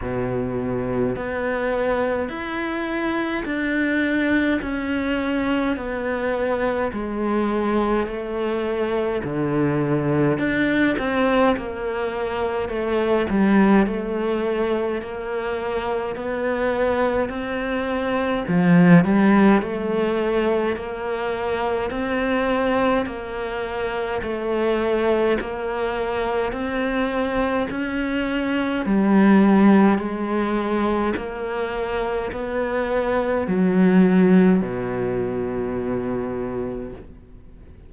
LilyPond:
\new Staff \with { instrumentName = "cello" } { \time 4/4 \tempo 4 = 52 b,4 b4 e'4 d'4 | cis'4 b4 gis4 a4 | d4 d'8 c'8 ais4 a8 g8 | a4 ais4 b4 c'4 |
f8 g8 a4 ais4 c'4 | ais4 a4 ais4 c'4 | cis'4 g4 gis4 ais4 | b4 fis4 b,2 | }